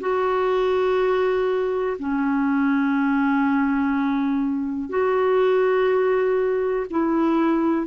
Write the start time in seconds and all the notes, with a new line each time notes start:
0.00 F#4
1.99 C#4
4.89 F#4
6.90 E4